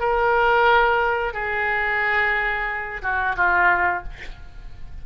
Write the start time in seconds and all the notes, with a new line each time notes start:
0.00 A#4
1.33 G#4
3.02 F#4
3.36 F4